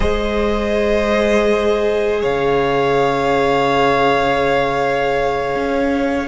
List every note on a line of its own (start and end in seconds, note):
0.00 2.22 G#3
0.00 6.28 G#4
0.00 2.21 C5
0.00 2.20 D#5
2.21 5.55 C#3
2.21 6.28 C#5
2.21 6.28 F5
5.55 6.28 C#4